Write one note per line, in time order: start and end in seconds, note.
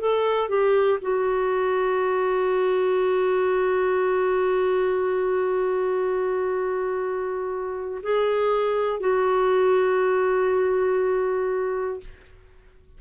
0.00 0.49 A4
0.49 0.99 G4
1.01 8.01 F#4
8.02 9.00 G#4
9.00 12.00 F#4